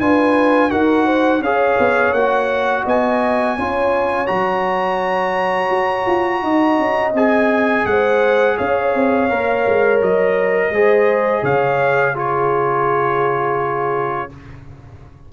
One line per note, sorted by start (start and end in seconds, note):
0.00 0.72 D4
0.00 0.71 F4
0.00 0.71 B4
0.00 0.71 G#5
0.71 1.41 D#4
0.71 1.42 F#4
0.71 1.06 A#4
0.71 1.43 F#5
1.06 1.42 C5
1.41 1.77 C#4
1.41 2.17 G#4
1.41 2.85 C#5
1.41 2.13 F5
1.79 2.13 B3
2.13 2.84 A#3
2.13 3.59 F#4
2.13 2.85 F#5
2.85 3.58 B3
2.85 3.56 D#5
2.85 4.27 G#5
3.57 4.30 C#4
3.57 4.27 F4
3.57 6.43 C#5
4.27 5.70 F#3
4.27 7.13 F#4
4.27 7.13 A#5
5.70 6.06 F#4
6.07 6.43 F4
6.43 6.79 D#4
6.43 7.87 D#5
6.79 7.14 C#4
7.14 7.85 C4
7.14 9.30 G#4
7.14 7.86 G#5
7.86 8.57 G#3
7.86 8.57 C5
7.86 8.58 F#5
8.57 8.95 C#4
8.57 10.71 C#5
8.57 10.01 F5
8.95 9.31 C4
9.30 9.67 A#3
9.30 10.73 A#4
9.67 10.02 G#3
10.02 10.71 F#3
10.02 11.45 D#5
10.71 11.42 G#3
10.71 12.15 G#4
10.71 11.43 C5
11.43 14.29 C#3
11.43 12.14 C#5
11.43 12.17 F5
12.15 14.29 F4
12.15 14.30 G#4
12.15 14.33 C#5